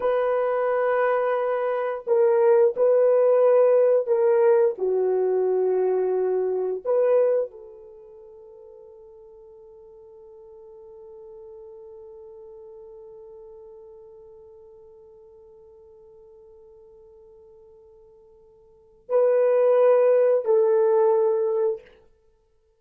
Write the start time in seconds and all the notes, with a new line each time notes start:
0.00 B4
2.06 A#4
2.76 B4
4.06 A#4
4.78 F#4
6.84 B4
7.50 A4
19.09 B4
20.45 A4